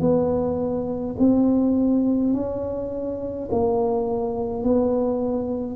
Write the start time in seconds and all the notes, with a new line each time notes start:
0.00 B3
1.19 C4
2.33 C#4
3.51 A#3
4.63 B3